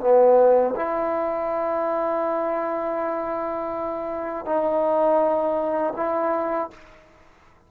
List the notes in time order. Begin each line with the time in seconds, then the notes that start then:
0.00 B3
0.75 E4
4.45 D#4
5.96 E4